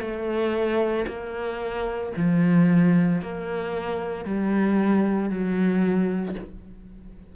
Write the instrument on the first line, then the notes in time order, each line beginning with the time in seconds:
cello
0.00 A3
1.07 A#3
2.16 F3
3.22 A#3
4.25 G3
5.30 F#3